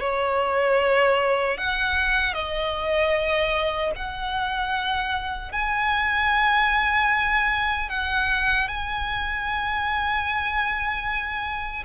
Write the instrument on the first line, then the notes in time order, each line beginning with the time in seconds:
violin
0.00 C#5
1.57 F#5
2.33 D#5
3.95 F#5
5.52 G#5
7.89 F#5
8.68 G#5